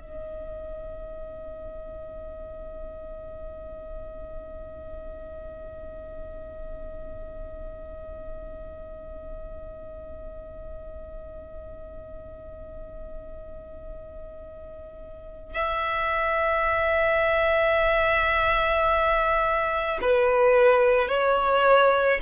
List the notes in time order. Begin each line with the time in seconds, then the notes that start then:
0.00 D#5
15.54 E5
20.01 B4
21.08 C#5